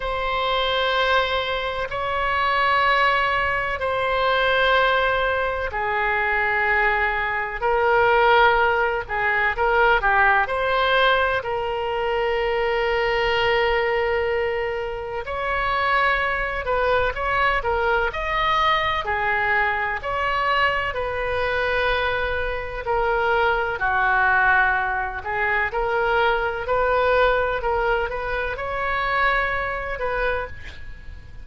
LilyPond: \new Staff \with { instrumentName = "oboe" } { \time 4/4 \tempo 4 = 63 c''2 cis''2 | c''2 gis'2 | ais'4. gis'8 ais'8 g'8 c''4 | ais'1 |
cis''4. b'8 cis''8 ais'8 dis''4 | gis'4 cis''4 b'2 | ais'4 fis'4. gis'8 ais'4 | b'4 ais'8 b'8 cis''4. b'8 | }